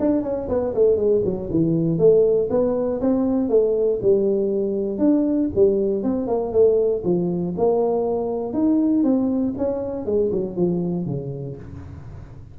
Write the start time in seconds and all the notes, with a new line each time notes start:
0.00 D4
0.23 C#4
0.49 B3
0.75 A3
0.97 G#3
1.25 F#3
1.51 E3
1.99 A3
2.51 B3
3.01 C4
3.50 A3
4.02 G3
4.99 D4
5.56 G3
6.04 C4
6.28 A#3
6.53 A3
7.05 F3
7.58 A#3
8.53 D#4
9.04 C4
9.58 C#4
10.06 G#3
10.32 F#3
10.57 F3
11.06 C#3